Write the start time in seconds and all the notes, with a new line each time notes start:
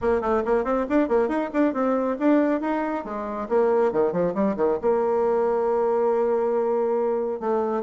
0.01 A#3
0.21 A3
0.45 A#3
0.64 C4
0.89 D4
1.08 A#3
1.28 D#4
1.53 D4
1.73 C4
2.19 D4
2.61 D#4
3.04 G#3
3.48 A#3
3.92 D#3
4.12 F3
4.34 G3
4.56 D#3
4.81 A#3
7.40 A3